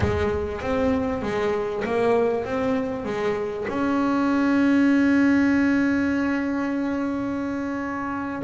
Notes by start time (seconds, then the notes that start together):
0.00 G#3
0.61 C4
1.22 G#3
1.84 A#3
2.44 C4
3.04 G#3
3.68 C#4